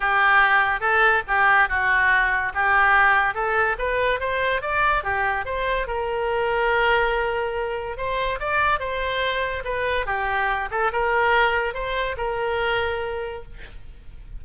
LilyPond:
\new Staff \with { instrumentName = "oboe" } { \time 4/4 \tempo 4 = 143 g'2 a'4 g'4 | fis'2 g'2 | a'4 b'4 c''4 d''4 | g'4 c''4 ais'2~ |
ais'2. c''4 | d''4 c''2 b'4 | g'4. a'8 ais'2 | c''4 ais'2. | }